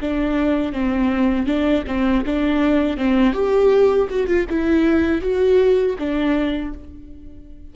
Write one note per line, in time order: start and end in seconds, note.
0.00 0.72 D4
0.72 1.46 C4
1.46 1.83 D4
1.86 2.24 C4
2.25 2.97 D4
2.97 3.32 C4
3.32 4.07 G4
4.09 4.26 F#4
4.26 4.45 F4
4.49 5.21 E4
5.21 5.96 F#4
5.98 6.73 D4